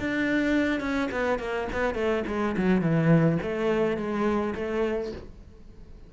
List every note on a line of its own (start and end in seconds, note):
0.00 0.81 D4
0.81 1.09 C#4
1.12 1.39 B3
1.39 1.68 A#3
1.73 1.95 B3
1.95 2.24 A3
2.27 2.56 G#3
2.57 2.82 F#3
2.82 3.39 E3
3.42 3.97 A3
3.97 4.55 G#3
4.55 5.12 A3